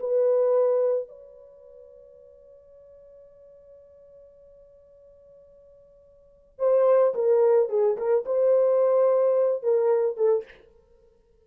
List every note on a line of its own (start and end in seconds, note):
0.00 1.09 B4
1.09 6.60 C#5
6.60 7.15 C5
7.15 7.70 A#4
7.70 7.97 G#4
7.97 8.25 A#4
8.26 9.63 C5
9.63 10.17 A#4
10.17 10.45 A4